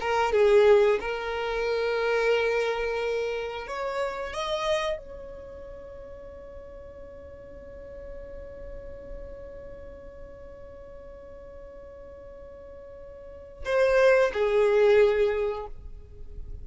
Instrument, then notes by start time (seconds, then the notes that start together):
violin
0.00 A#4
0.32 G#4
1.00 A#4
3.67 C#5
4.33 D#5
4.97 C#5
13.65 C5
14.33 G#4